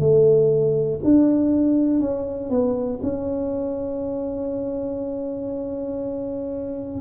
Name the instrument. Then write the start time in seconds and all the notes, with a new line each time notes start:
tuba
0.00 A3
1.05 D4
2.00 C#4
2.50 B3
3.03 C#4